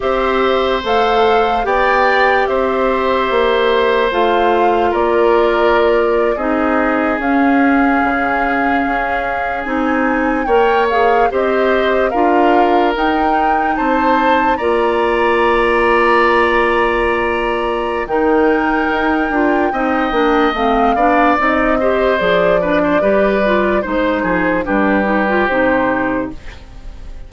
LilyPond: <<
  \new Staff \with { instrumentName = "flute" } { \time 4/4 \tempo 4 = 73 e''4 f''4 g''4 e''4~ | e''4 f''4 d''4.~ d''16 dis''16~ | dis''8. f''2. gis''16~ | gis''8. g''8 f''8 dis''4 f''4 g''16~ |
g''8. a''4 ais''2~ ais''16~ | ais''2 g''2~ | g''4 f''4 dis''4 d''4~ | d''4 c''4 b'4 c''4 | }
  \new Staff \with { instrumentName = "oboe" } { \time 4/4 c''2 d''4 c''4~ | c''2 ais'4.~ ais'16 gis'16~ | gis'1~ | gis'8. cis''4 c''4 ais'4~ ais'16~ |
ais'8. c''4 d''2~ d''16~ | d''2 ais'2 | dis''4. d''4 c''4 b'16 c''16 | b'4 c''8 gis'8 g'2 | }
  \new Staff \with { instrumentName = "clarinet" } { \time 4/4 g'4 a'4 g'2~ | g'4 f'2~ f'8. dis'16~ | dis'8. cis'2. dis'16~ | dis'8. ais'8 gis'8 g'4 f'4 dis'16~ |
dis'4.~ dis'16 f'2~ f'16~ | f'2 dis'4. f'8 | dis'8 d'8 c'8 d'8 dis'8 g'8 gis'8 d'8 | g'8 f'8 dis'4 d'8 dis'16 f'16 dis'4 | }
  \new Staff \with { instrumentName = "bassoon" } { \time 4/4 c'4 a4 b4 c'4 | ais4 a4 ais4.~ ais16 c'16~ | c'8. cis'4 cis4 cis'4 c'16~ | c'8. ais4 c'4 d'4 dis'16~ |
dis'8. c'4 ais2~ ais16~ | ais2 dis4 dis'8 d'8 | c'8 ais8 a8 b8 c'4 f4 | g4 gis8 f8 g4 c4 | }
>>